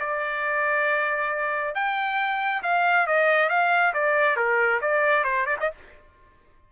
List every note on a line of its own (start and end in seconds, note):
0.00 1.75 D5
1.75 2.63 G5
2.63 3.07 F5
3.07 3.50 D#5
3.50 3.94 F5
3.94 4.37 D5
4.37 4.81 A#4
4.82 5.25 D5
5.25 5.46 C5
5.46 5.57 D5
5.61 5.72 D#5